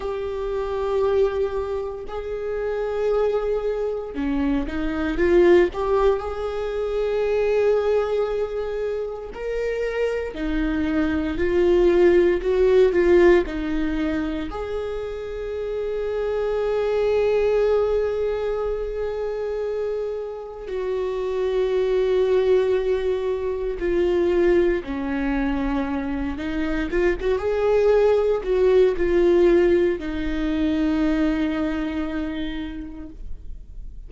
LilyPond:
\new Staff \with { instrumentName = "viola" } { \time 4/4 \tempo 4 = 58 g'2 gis'2 | cis'8 dis'8 f'8 g'8 gis'2~ | gis'4 ais'4 dis'4 f'4 | fis'8 f'8 dis'4 gis'2~ |
gis'1 | fis'2. f'4 | cis'4. dis'8 f'16 fis'16 gis'4 fis'8 | f'4 dis'2. | }